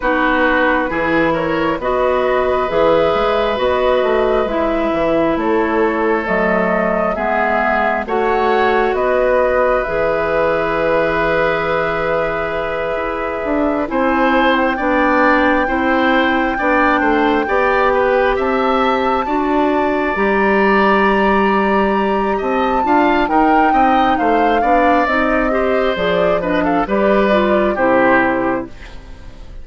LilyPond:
<<
  \new Staff \with { instrumentName = "flute" } { \time 4/4 \tempo 4 = 67 b'4. cis''8 dis''4 e''4 | dis''4 e''4 cis''4 dis''4 | e''4 fis''4 dis''4 e''4~ | e''2.~ e''8 gis''8~ |
gis''16 g''2.~ g''8.~ | g''8 a''2 ais''4.~ | ais''4 a''4 g''4 f''4 | dis''4 d''8 dis''16 f''16 d''4 c''4 | }
  \new Staff \with { instrumentName = "oboe" } { \time 4/4 fis'4 gis'8 ais'8 b'2~ | b'2 a'2 | gis'4 cis''4 b'2~ | b'2.~ b'8 c''8~ |
c''8 d''4 c''4 d''8 c''8 d''8 | b'8 e''4 d''2~ d''8~ | d''4 dis''8 f''8 ais'8 dis''8 c''8 d''8~ | d''8 c''4 b'16 a'16 b'4 g'4 | }
  \new Staff \with { instrumentName = "clarinet" } { \time 4/4 dis'4 e'4 fis'4 gis'4 | fis'4 e'2 a4 | b4 fis'2 gis'4~ | gis'2.~ gis'8 e'8~ |
e'8 d'4 e'4 d'4 g'8~ | g'4. fis'4 g'4.~ | g'4. f'8 dis'4. d'8 | dis'8 g'8 gis'8 d'8 g'8 f'8 e'4 | }
  \new Staff \with { instrumentName = "bassoon" } { \time 4/4 b4 e4 b4 e8 gis8 | b8 a8 gis8 e8 a4 fis4 | gis4 a4 b4 e4~ | e2~ e8 e'8 d'8 c'8~ |
c'8 b4 c'4 b8 a8 b8~ | b8 c'4 d'4 g4.~ | g4 c'8 d'8 dis'8 c'8 a8 b8 | c'4 f4 g4 c4 | }
>>